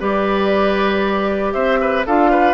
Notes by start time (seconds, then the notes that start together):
0.00 G3 G4 B4 D5
1.53 C4 C5 E5
1.81 B4
2.07 D4 F4 A4 F5
2.31 B4